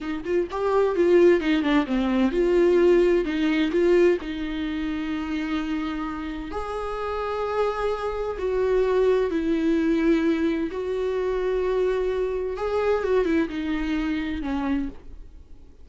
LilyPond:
\new Staff \with { instrumentName = "viola" } { \time 4/4 \tempo 4 = 129 dis'8 f'8 g'4 f'4 dis'8 d'8 | c'4 f'2 dis'4 | f'4 dis'2.~ | dis'2 gis'2~ |
gis'2 fis'2 | e'2. fis'4~ | fis'2. gis'4 | fis'8 e'8 dis'2 cis'4 | }